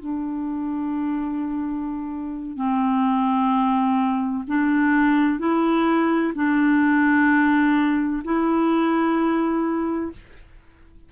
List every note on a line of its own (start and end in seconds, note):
0.00 2.57 D4
2.57 4.44 C4
4.48 5.39 D4
5.39 6.33 E4
6.35 8.23 D4
8.25 10.12 E4